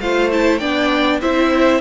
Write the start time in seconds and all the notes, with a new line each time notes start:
0.00 A3 F4 C5 F5
0.31 E4 A5
0.58 B3 D4 D5 G5
1.21 C4 E4 C5 E5